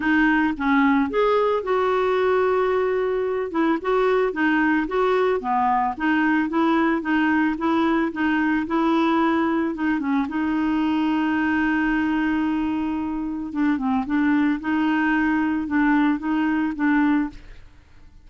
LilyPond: \new Staff \with { instrumentName = "clarinet" } { \time 4/4 \tempo 4 = 111 dis'4 cis'4 gis'4 fis'4~ | fis'2~ fis'8 e'8 fis'4 | dis'4 fis'4 b4 dis'4 | e'4 dis'4 e'4 dis'4 |
e'2 dis'8 cis'8 dis'4~ | dis'1~ | dis'4 d'8 c'8 d'4 dis'4~ | dis'4 d'4 dis'4 d'4 | }